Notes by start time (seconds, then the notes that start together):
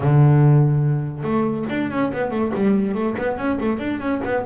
0.00 D3
1.23 A3
1.69 D4
1.91 C#4
2.12 B3
2.30 A3
2.55 G3
2.94 A3
3.18 B3
3.37 C#4
3.60 A3
3.79 D4
3.99 C#4
4.24 B3